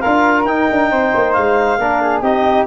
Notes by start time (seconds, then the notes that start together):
0.00 F4 A#4 F5
0.06 D4
0.45 D#4 G5
0.71 D4
0.91 C4 C5
1.15 A#3
1.33 G#3 F5
1.78 A#3 D4 A#4
2.02 G#4
2.22 C4 D#4 G4 D#5